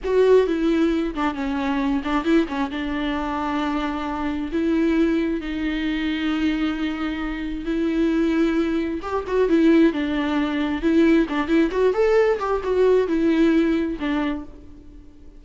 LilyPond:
\new Staff \with { instrumentName = "viola" } { \time 4/4 \tempo 4 = 133 fis'4 e'4. d'8 cis'4~ | cis'8 d'8 e'8 cis'8 d'2~ | d'2 e'2 | dis'1~ |
dis'4 e'2. | g'8 fis'8 e'4 d'2 | e'4 d'8 e'8 fis'8 a'4 g'8 | fis'4 e'2 d'4 | }